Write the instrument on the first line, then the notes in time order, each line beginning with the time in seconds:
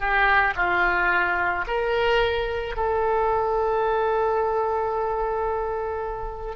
oboe
0.00 G4
0.57 F4
1.68 A#4
2.77 A4